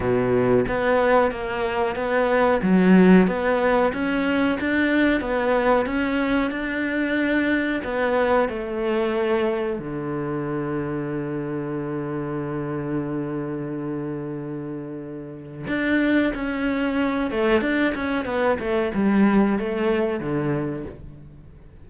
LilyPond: \new Staff \with { instrumentName = "cello" } { \time 4/4 \tempo 4 = 92 b,4 b4 ais4 b4 | fis4 b4 cis'4 d'4 | b4 cis'4 d'2 | b4 a2 d4~ |
d1~ | d1 | d'4 cis'4. a8 d'8 cis'8 | b8 a8 g4 a4 d4 | }